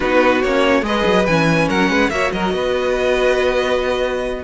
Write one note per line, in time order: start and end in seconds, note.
0.00 0.43 B3
0.00 0.42 D#4
0.00 0.84 F#4
0.00 0.42 B4
0.42 0.82 A#3
0.42 0.82 C#4
0.42 0.84 C#5
0.82 1.03 G#3
0.82 1.25 G#4
0.82 1.68 B4
0.82 1.26 D#5
1.05 1.26 F#3
1.26 1.69 E3
1.26 2.11 C#4
1.26 1.68 G#5
1.68 1.89 F#3
1.68 1.89 A#4
1.68 2.10 F#5
1.89 2.09 G#3
1.89 2.10 B4
2.09 2.30 A#3
2.09 4.43 F#4
2.09 2.33 C#5
2.09 2.31 E5
2.32 2.53 F#3
2.32 2.54 A#4
2.32 4.43 D#5
2.53 4.43 B3
2.53 4.44 B4